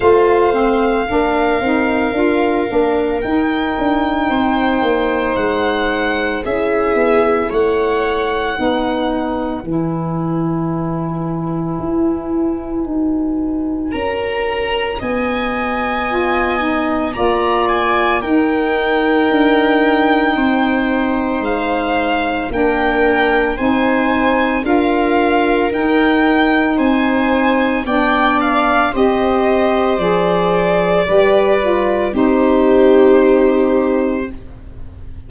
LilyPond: <<
  \new Staff \with { instrumentName = "violin" } { \time 4/4 \tempo 4 = 56 f''2. g''4~ | g''4 fis''4 e''4 fis''4~ | fis''4 gis''2.~ | gis''4 ais''4 gis''2 |
ais''8 gis''8 g''2. | f''4 g''4 gis''4 f''4 | g''4 gis''4 g''8 f''8 dis''4 | d''2 c''2 | }
  \new Staff \with { instrumentName = "viola" } { \time 4/4 c''4 ais'2. | c''2 gis'4 cis''4 | b'1~ | b'4 ais'4 dis''2 |
d''4 ais'2 c''4~ | c''4 ais'4 c''4 ais'4~ | ais'4 c''4 d''4 c''4~ | c''4 b'4 g'2 | }
  \new Staff \with { instrumentName = "saxophone" } { \time 4/4 f'8 c'8 d'8 dis'8 f'8 d'8 dis'4~ | dis'2 e'2 | dis'4 e'2. | fis'2. f'8 dis'8 |
f'4 dis'2.~ | dis'4 d'4 dis'4 f'4 | dis'2 d'4 g'4 | gis'4 g'8 f'8 dis'2 | }
  \new Staff \with { instrumentName = "tuba" } { \time 4/4 a4 ais8 c'8 d'8 ais8 dis'8 d'8 | c'8 ais8 gis4 cis'8 b8 a4 | b4 e2 e'4 | dis'4 cis'4 b2 |
ais4 dis'4 d'4 c'4 | gis4 ais4 c'4 d'4 | dis'4 c'4 b4 c'4 | f4 g4 c'2 | }
>>